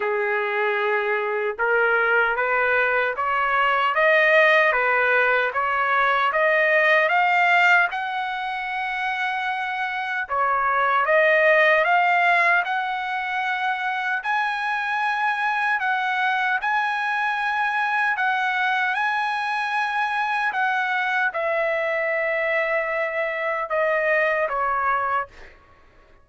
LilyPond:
\new Staff \with { instrumentName = "trumpet" } { \time 4/4 \tempo 4 = 76 gis'2 ais'4 b'4 | cis''4 dis''4 b'4 cis''4 | dis''4 f''4 fis''2~ | fis''4 cis''4 dis''4 f''4 |
fis''2 gis''2 | fis''4 gis''2 fis''4 | gis''2 fis''4 e''4~ | e''2 dis''4 cis''4 | }